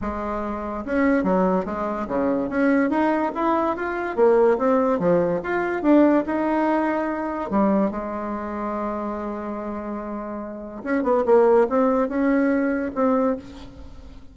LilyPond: \new Staff \with { instrumentName = "bassoon" } { \time 4/4 \tempo 4 = 144 gis2 cis'4 fis4 | gis4 cis4 cis'4 dis'4 | e'4 f'4 ais4 c'4 | f4 f'4 d'4 dis'4~ |
dis'2 g4 gis4~ | gis1~ | gis2 cis'8 b8 ais4 | c'4 cis'2 c'4 | }